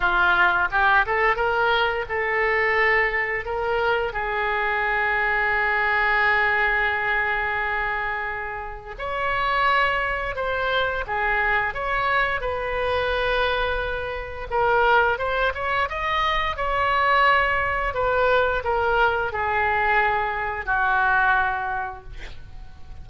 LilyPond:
\new Staff \with { instrumentName = "oboe" } { \time 4/4 \tempo 4 = 87 f'4 g'8 a'8 ais'4 a'4~ | a'4 ais'4 gis'2~ | gis'1~ | gis'4 cis''2 c''4 |
gis'4 cis''4 b'2~ | b'4 ais'4 c''8 cis''8 dis''4 | cis''2 b'4 ais'4 | gis'2 fis'2 | }